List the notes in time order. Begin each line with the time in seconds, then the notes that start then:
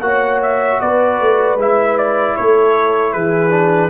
0.00 A#3 F#4 C#5 F#5
0.42 E5
0.81 B3 B4 D5
1.20 A3
1.56 G#3 E4 E5
1.98 D5
2.36 A3 A4 C#5
3.13 E3 G#4 B4
3.50 D4